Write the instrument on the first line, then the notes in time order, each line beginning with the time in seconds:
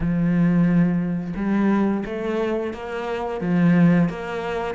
cello
0.00 F3
1.35 G3
2.05 A3
2.73 A#3
3.41 F3
4.09 A#3